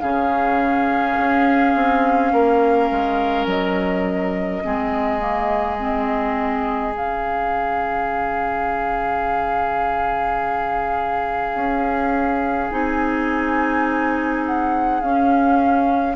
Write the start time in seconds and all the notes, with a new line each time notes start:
0.00 C#3 C#4 G#4 F5
1.18 C#4
1.75 C4
2.32 A#3 A#4
2.91 G#3
3.46 F#3 D#5
4.63 G#3 C4 G#4
5.19 A#3
5.80 C4
6.92 C#3 C#4 F5
11.54 C#4
12.71 C4 D#4 G#5
14.46 F#5
15.01 C#4 F5